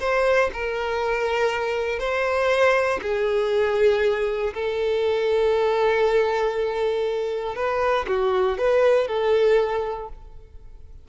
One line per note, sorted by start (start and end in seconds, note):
0.00 0.50 C5
0.53 1.99 A#4
1.99 3.00 C5
3.02 4.53 G#4
4.54 7.55 A4
7.55 8.06 B4
8.07 8.58 F#4
8.58 9.08 B4
9.08 10.08 A4